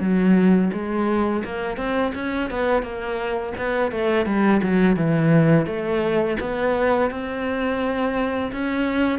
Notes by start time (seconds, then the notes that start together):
0.00 F#3
0.73 G#3
1.44 A#3
1.77 C4
2.14 C#4
2.50 B3
2.82 A#3
3.57 B3
3.91 A3
4.25 G3
4.62 F#3
4.96 E3
5.66 A3
6.40 B3
7.10 C4
8.52 C#4